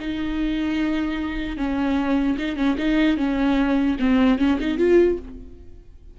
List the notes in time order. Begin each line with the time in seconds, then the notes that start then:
0.00 D#4
1.57 C#4
2.39 D#4
2.57 C#4
2.78 D#4
3.17 C#4
4.00 C4
4.39 C#4
4.60 D#4
4.78 F4